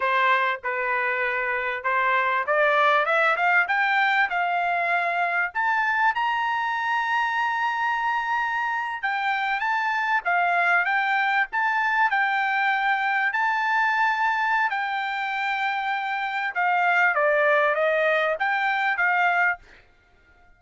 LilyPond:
\new Staff \with { instrumentName = "trumpet" } { \time 4/4 \tempo 4 = 98 c''4 b'2 c''4 | d''4 e''8 f''8 g''4 f''4~ | f''4 a''4 ais''2~ | ais''2~ ais''8. g''4 a''16~ |
a''8. f''4 g''4 a''4 g''16~ | g''4.~ g''16 a''2~ a''16 | g''2. f''4 | d''4 dis''4 g''4 f''4 | }